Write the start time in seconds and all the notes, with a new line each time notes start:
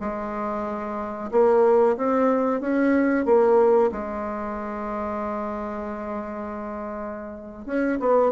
0.00 G#3
1.31 A#3
1.97 C4
2.61 C#4
3.25 A#3
3.91 G#3
7.65 C#4
8.00 B3